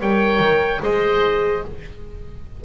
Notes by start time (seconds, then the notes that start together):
0.00 G3 A#4 C#5 G5
0.40 D#3
0.81 G#3 G#4 C5 D#5